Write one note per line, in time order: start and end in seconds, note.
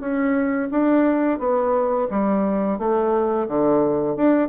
0.00 0.69 C#4
0.71 1.39 D4
1.39 2.08 B3
2.10 2.79 G3
2.79 3.48 A3
3.48 4.16 D3
4.16 4.49 D4